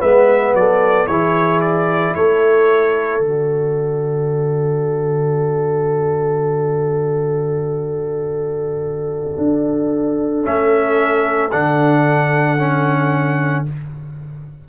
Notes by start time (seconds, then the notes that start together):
0.00 G#3 B3 B4 E5
0.54 F#3 A4 D5
1.07 E3 E4 G#4 C#5
1.61 D5
2.15 A3 A4 C#5
3.21 D3 F#4 D5
9.38 D4
10.44 A3 C#4 E5
11.52 D3 D4 F#5
12.58 C#4